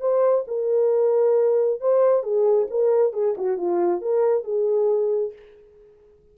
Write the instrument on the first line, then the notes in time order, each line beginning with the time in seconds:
horn
0.00 C5
0.47 A#4
1.80 C5
2.23 G#4
2.70 A#4
3.13 G#4
3.37 F#4
3.57 F4
4.01 A#4
4.44 G#4